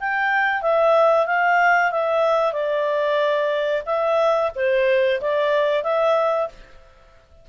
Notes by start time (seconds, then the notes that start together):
0.00 G5
0.62 E5
1.27 F5
1.92 E5
2.53 D5
3.86 E5
4.56 C5
5.21 D5
5.84 E5